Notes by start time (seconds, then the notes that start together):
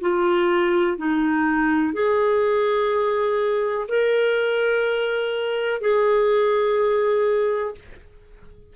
0.00 F4
0.97 D#4
1.93 G#4
3.88 A#4
5.81 G#4